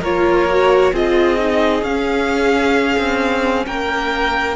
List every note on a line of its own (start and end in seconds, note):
0.00 0.92 A#3
0.00 0.48 F4
0.00 0.91 A#4
0.00 0.94 C#5
0.48 0.93 F#4
0.92 1.82 C4
0.92 1.37 F4
0.92 3.65 G#4
0.92 1.83 D#5
1.37 1.83 D#4
1.82 2.96 C#4
1.82 4.56 C#4
1.82 3.65 F5
2.98 3.66 C4
3.66 4.56 A#3
3.66 4.56 A#4
3.66 4.56 G5